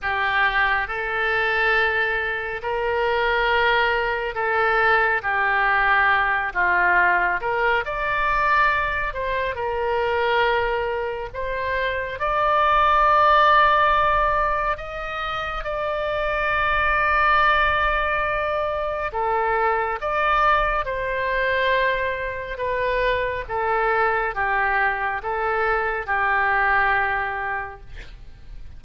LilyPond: \new Staff \with { instrumentName = "oboe" } { \time 4/4 \tempo 4 = 69 g'4 a'2 ais'4~ | ais'4 a'4 g'4. f'8~ | f'8 ais'8 d''4. c''8 ais'4~ | ais'4 c''4 d''2~ |
d''4 dis''4 d''2~ | d''2 a'4 d''4 | c''2 b'4 a'4 | g'4 a'4 g'2 | }